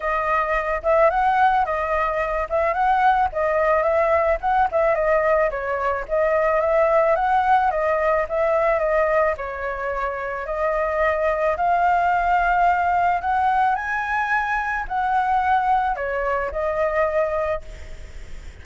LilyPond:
\new Staff \with { instrumentName = "flute" } { \time 4/4 \tempo 4 = 109 dis''4. e''8 fis''4 dis''4~ | dis''8 e''8 fis''4 dis''4 e''4 | fis''8 e''8 dis''4 cis''4 dis''4 | e''4 fis''4 dis''4 e''4 |
dis''4 cis''2 dis''4~ | dis''4 f''2. | fis''4 gis''2 fis''4~ | fis''4 cis''4 dis''2 | }